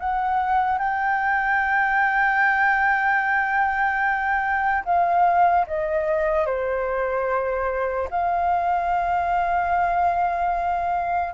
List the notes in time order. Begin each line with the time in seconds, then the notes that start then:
0.00 F#5
0.79 G5
4.85 F5
5.67 D#5
6.46 C5
8.11 F5